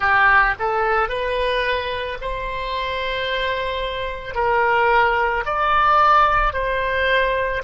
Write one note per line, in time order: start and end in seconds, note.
0.00 0.55 G4
0.59 1.09 A4
1.09 2.18 B4
2.21 4.34 C5
4.34 5.43 A#4
5.45 6.53 D5
6.53 7.62 C5